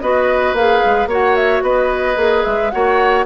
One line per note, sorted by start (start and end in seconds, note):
0.00 0.53 B3
0.00 0.56 F#4
0.00 1.09 B4
0.00 0.54 D#5
0.53 0.80 A#3
0.53 1.09 G#4
0.53 1.09 F5
0.85 1.06 G#3
1.06 1.60 A#3
1.06 2.15 F#4
1.06 1.63 C#5
1.12 1.35 F#5
1.35 1.62 E5
1.62 2.16 B3
1.62 2.71 B4
1.62 2.44 D#5
2.15 2.43 A#3
2.15 2.69 G#4
2.44 2.73 G#3
2.44 2.70 E5
2.70 3.25 A#3
2.70 3.25 F#4
2.70 3.25 C#5
2.70 3.24 F#5